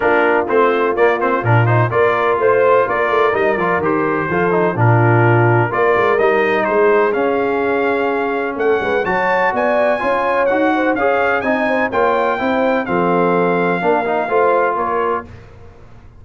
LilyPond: <<
  \new Staff \with { instrumentName = "trumpet" } { \time 4/4 \tempo 4 = 126 ais'4 c''4 d''8 c''8 ais'8 c''8 | d''4 c''4 d''4 dis''8 d''8 | c''2 ais'2 | d''4 dis''4 c''4 f''4~ |
f''2 fis''4 a''4 | gis''2 fis''4 f''4 | gis''4 g''2 f''4~ | f''2. cis''4 | }
  \new Staff \with { instrumentName = "horn" } { \time 4/4 f'1 | ais'4 c''4 ais'2~ | ais'4 a'4 f'2 | ais'2 gis'2~ |
gis'2 a'8 b'8 cis''4 | d''4 cis''4. c''8 cis''4 | dis''8 c''8 cis''4 c''4 a'4~ | a'4 ais'4 c''4 ais'4 | }
  \new Staff \with { instrumentName = "trombone" } { \time 4/4 d'4 c'4 ais8 c'8 d'8 dis'8 | f'2. dis'8 f'8 | g'4 f'8 dis'8 d'2 | f'4 dis'2 cis'4~ |
cis'2. fis'4~ | fis'4 f'4 fis'4 gis'4 | dis'4 f'4 e'4 c'4~ | c'4 d'8 dis'8 f'2 | }
  \new Staff \with { instrumentName = "tuba" } { \time 4/4 ais4 a4 ais4 ais,4 | ais4 a4 ais8 a8 g8 f8 | dis4 f4 ais,2 | ais8 gis8 g4 gis4 cis'4~ |
cis'2 a8 gis8 fis4 | b4 cis'4 dis'4 cis'4 | c'4 ais4 c'4 f4~ | f4 ais4 a4 ais4 | }
>>